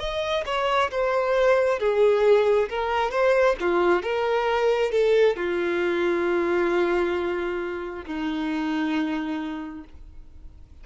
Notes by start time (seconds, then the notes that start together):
0.00 D#5
0.46 C#5
0.91 C5
1.80 G#4
2.69 A#4
3.11 C5
3.61 F4
4.03 A#4
4.92 A4
5.37 F4
8.06 D#4